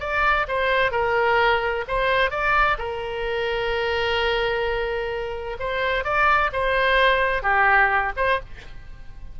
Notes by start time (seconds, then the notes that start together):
0.00 D5
0.48 C5
0.92 A#4
1.88 C5
2.31 D5
2.78 A#4
5.59 C5
6.04 D5
6.53 C5
7.42 G4
8.17 C5